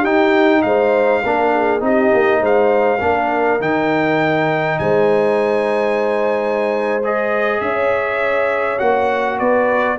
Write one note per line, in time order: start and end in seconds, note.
0.00 0.63 D#4
0.00 1.24 D#4
0.00 0.59 G4
0.00 0.62 G5
0.62 1.23 G#3
0.62 1.22 C5
0.62 1.81 F5
1.22 1.82 A#3
1.22 1.80 D4
1.22 1.52 A#4
1.54 1.84 G#4
1.80 2.11 C4
1.80 2.99 D#4
1.80 2.40 G4
1.80 2.44 D#5
2.13 2.41 A#3
2.40 3.00 G#3
2.40 3.00 C5
2.40 3.61 F5
3.00 3.60 A#3
3.00 3.60 D4
3.00 4.80 A#4
3.60 4.79 D#3
3.60 7.02 D#4
3.60 4.79 G5
4.79 7.61 G#3
4.79 7.62 C5
4.79 7.02 G#5
7.04 8.78 G#4
7.04 7.61 D#5
7.61 8.80 C#4
7.61 9.38 C#5
7.61 8.79 E5
8.78 9.40 A#3
8.78 9.97 F#4
8.78 9.38 F#5
9.38 9.99 B3
9.38 9.98 B4
9.38 9.98 D5